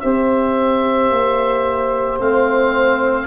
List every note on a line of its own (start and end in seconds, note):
0.00 1.10 C4
0.00 2.19 G4
0.00 3.26 C5
0.00 2.18 E5
1.10 2.18 A#3
2.18 3.26 A3
2.18 3.26 C4
2.18 3.26 F5